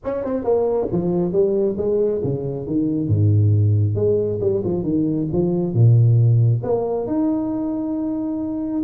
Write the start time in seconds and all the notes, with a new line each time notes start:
0.04 C#4
0.24 C4
0.44 A#3
0.92 F3
1.32 G3
1.77 G#3
2.23 C#3
2.66 D#3
3.08 G#2
3.95 G#3
4.41 G3
4.64 F3
4.83 D#3
5.32 F3
5.73 A#2
6.63 A#3
7.06 D#4